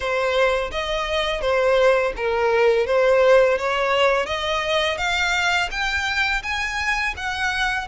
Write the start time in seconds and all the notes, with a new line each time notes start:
0.00 C5
0.71 D#5
1.41 C5
2.16 A#4
2.86 C5
3.57 C#5
4.26 D#5
4.97 F5
5.71 G5
6.43 G#5
7.17 F#5